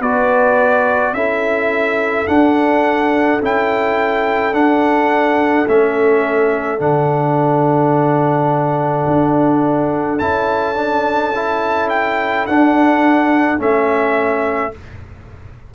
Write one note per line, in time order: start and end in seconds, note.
0.00 1.13 B3
0.00 1.16 F#4
0.00 1.13 B4
0.00 1.15 D5
1.13 2.27 C#4
1.13 2.28 E4
1.13 14.75 A4
1.13 2.28 E5
2.28 3.41 D4
2.28 3.42 D4
2.28 3.41 F#5
3.42 4.53 C#4
3.42 4.54 E4
3.42 4.55 G5
4.53 5.66 D4
4.53 5.67 D4
4.53 5.68 F#5
5.68 6.80 A3
5.68 6.79 C#4
5.68 6.81 E5
6.79 9.06 D3
6.79 10.19 D4
6.79 10.19 F#5
9.08 10.21 D4
10.19 12.48 C#4
10.19 10.76 E4
10.19 11.89 A5
10.76 11.33 D4
11.36 12.49 E4
11.90 12.46 G5
12.47 13.59 D4
12.47 13.60 F#5
13.59 14.73 A3
13.59 14.72 C#4
13.59 14.75 E5